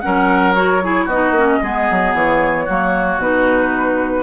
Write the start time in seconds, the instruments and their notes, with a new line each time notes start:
0.00 bassoon F#3, clarinet C#4, oboe A#4, flute F#5
0.54 clarinet F#4, flute C#5
0.82 clarinet E4, oboe G#4
1.05 bassoon B3, oboe F#4, flute D#5
1.12 clarinet D#4
1.30 bassoon A#3
1.37 clarinet C#4
1.62 bassoon G#3, clarinet B3, oboe G#4
1.90 bassoon F#3
2.13 bassoon E3, flute C#5
2.65 bassoon F#3, clarinet A#3, oboe F#4
3.17 bassoon B2, clarinet D#4, flute B4